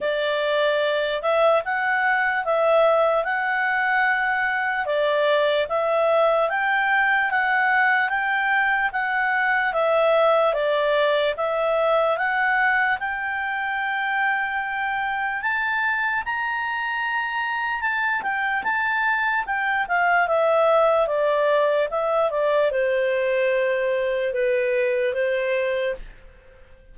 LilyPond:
\new Staff \with { instrumentName = "clarinet" } { \time 4/4 \tempo 4 = 74 d''4. e''8 fis''4 e''4 | fis''2 d''4 e''4 | g''4 fis''4 g''4 fis''4 | e''4 d''4 e''4 fis''4 |
g''2. a''4 | ais''2 a''8 g''8 a''4 | g''8 f''8 e''4 d''4 e''8 d''8 | c''2 b'4 c''4 | }